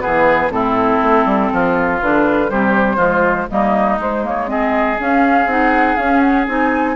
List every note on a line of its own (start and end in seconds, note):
0.00 0.49 E3
0.00 0.50 B3
0.00 0.52 G#4
0.00 0.50 B4
0.49 0.98 A2
0.49 1.99 C4
0.49 1.52 E4
0.49 2.00 A4
1.02 1.25 A3
1.25 1.50 G3
1.52 2.01 F3
1.52 2.50 F4
2.00 2.50 D3
2.00 2.48 D4
2.00 2.49 B4
2.48 2.97 C3
2.48 2.96 G3
2.48 2.96 G4
2.48 3.49 C5
2.96 3.46 F3
2.96 3.46 G#3
2.96 3.46 F4
3.50 3.98 G3
3.50 3.98 A#3
3.50 4.50 D#4
3.50 3.99 D#5
3.98 4.23 G#3
3.98 4.98 G#3
3.98 4.26 C5
4.23 4.47 A#3
4.23 4.49 C#5
4.47 4.97 C4
4.47 6.95 G#4
4.47 4.98 D#5
4.99 5.45 C#4
4.99 5.48 C#4
4.99 5.49 F5
5.45 5.95 C4
5.45 5.98 D#4
5.45 5.96 F#5
5.96 6.47 C#4
5.96 6.20 F5
6.20 6.44 F#5
6.47 6.95 C4
6.47 6.95 D#4
6.47 6.95 G#5